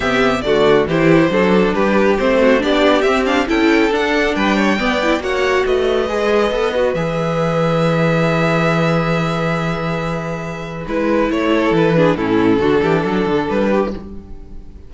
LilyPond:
<<
  \new Staff \with { instrumentName = "violin" } { \time 4/4 \tempo 4 = 138 e''4 d''4 c''2 | b'4 c''4 d''4 e''8 f''8 | g''4 fis''4 g''2 | fis''4 dis''2. |
e''1~ | e''1~ | e''4 b'4 cis''4 b'4 | a'2. b'4 | }
  \new Staff \with { instrumentName = "violin" } { \time 4/4 g'4 fis'4 g'4 a'4 | g'4. fis'8 g'2 | a'2 b'8 cis''8 d''4 | cis''4 b'2.~ |
b'1~ | b'1~ | b'2~ b'8 a'4 gis'8 | e'4 fis'8 g'8 a'4. g'8 | }
  \new Staff \with { instrumentName = "viola" } { \time 4/4 b4 a4 e'4 d'4~ | d'4 c'4 d'4 c'8 d'8 | e'4 d'2 b8 e'8 | fis'2 gis'4 a'8 fis'8 |
gis'1~ | gis'1~ | gis'4 e'2~ e'8 d'8 | cis'4 d'2. | }
  \new Staff \with { instrumentName = "cello" } { \time 4/4 c4 d4 e4 fis4 | g4 a4 b4 c'4 | cis'4 d'4 g4 b4 | ais4 a4 gis4 b4 |
e1~ | e1~ | e4 gis4 a4 e4 | a,4 d8 e8 fis8 d8 g4 | }
>>